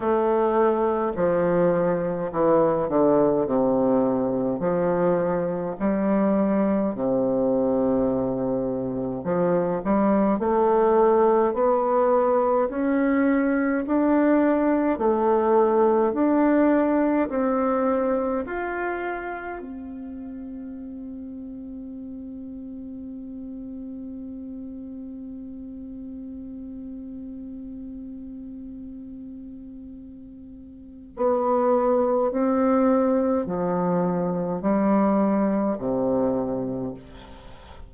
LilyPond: \new Staff \with { instrumentName = "bassoon" } { \time 4/4 \tempo 4 = 52 a4 f4 e8 d8 c4 | f4 g4 c2 | f8 g8 a4 b4 cis'4 | d'4 a4 d'4 c'4 |
f'4 c'2.~ | c'1~ | c'2. b4 | c'4 f4 g4 c4 | }